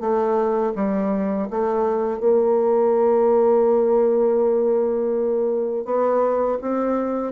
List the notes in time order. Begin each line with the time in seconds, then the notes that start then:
0.00 A3
0.75 G3
1.50 A3
2.20 A#3
5.85 B3
6.61 C4